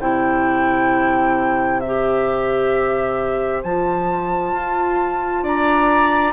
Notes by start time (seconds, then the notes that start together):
0.00 C3 E4 C5 G5
1.80 G4 E5
3.63 F3 F4 A5
4.53 F4
5.43 D4 D5 A#5